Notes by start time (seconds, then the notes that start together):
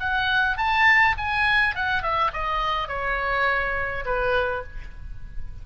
0.00 F#5
0.58 A5
1.18 G#5
1.76 F#5
2.03 E5
2.34 D#5
2.89 C#5
4.06 B4